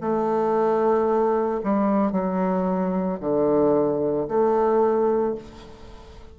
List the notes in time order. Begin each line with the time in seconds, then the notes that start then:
0.00 A3
1.63 G3
2.11 F#3
3.20 D3
4.28 A3